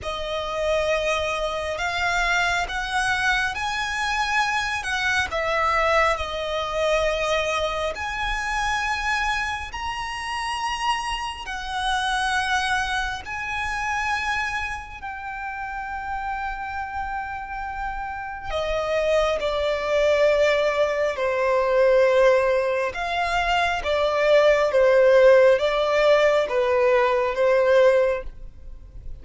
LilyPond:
\new Staff \with { instrumentName = "violin" } { \time 4/4 \tempo 4 = 68 dis''2 f''4 fis''4 | gis''4. fis''8 e''4 dis''4~ | dis''4 gis''2 ais''4~ | ais''4 fis''2 gis''4~ |
gis''4 g''2.~ | g''4 dis''4 d''2 | c''2 f''4 d''4 | c''4 d''4 b'4 c''4 | }